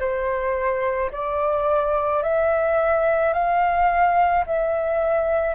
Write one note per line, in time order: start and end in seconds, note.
0.00 1.11 C5
1.12 2.23 D5
2.23 3.33 E5
3.33 4.44 F5
4.46 5.55 E5